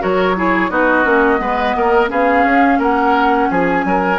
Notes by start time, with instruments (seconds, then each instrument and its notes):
0.00 bassoon F#3, clarinet F#4, oboe A#4, flute C#5
0.36 clarinet E4, oboe G#4
0.70 bassoon B3, clarinet D#4, oboe F#4, flute D#5
1.05 bassoon A#3, clarinet C#4
1.38 bassoon G#3, clarinet B3, oboe B4
1.76 bassoon A#3, oboe A#4
2.08 bassoon B3, clarinet C#4, oboe G#4, flute F5
2.44 bassoon C#4
2.79 bassoon A#3, oboe A#4, flute F#5
3.51 bassoon F3, oboe G#4, flute G#5
3.85 bassoon F#3, oboe A#4